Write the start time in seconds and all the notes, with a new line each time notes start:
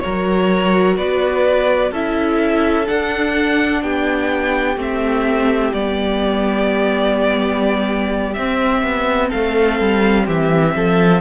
0.00 F#3 F#4 A#4 C#5
0.98 B3 B4 D5
1.91 C#4 E4 A4 E5
2.87 D4 F#5
3.83 B3 G4 G5
4.77 A3 C4 E5
5.74 G3 B3 D5
8.34 C4 E5
8.83 B3
9.29 A3 A4 F5
9.80 G3
10.26 E3 G4 E5
10.76 F3 A4